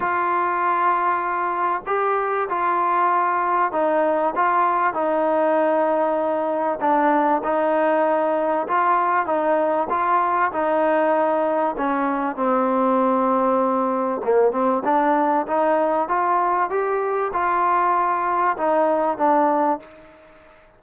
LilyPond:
\new Staff \with { instrumentName = "trombone" } { \time 4/4 \tempo 4 = 97 f'2. g'4 | f'2 dis'4 f'4 | dis'2. d'4 | dis'2 f'4 dis'4 |
f'4 dis'2 cis'4 | c'2. ais8 c'8 | d'4 dis'4 f'4 g'4 | f'2 dis'4 d'4 | }